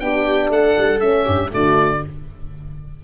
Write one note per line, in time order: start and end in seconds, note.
0.00 0.50 B3
0.00 1.01 D4
0.00 0.52 G4
0.00 0.50 G5
0.50 0.75 A3
0.50 1.25 A4
0.50 1.00 F#5
0.79 0.99 G3
0.99 1.24 A3
0.99 1.51 C#4
0.99 1.50 E5
1.25 1.52 G2
1.25 1.50 G4
1.51 2.04 D3
1.51 2.01 A3
1.51 2.04 F#4
1.51 2.04 D5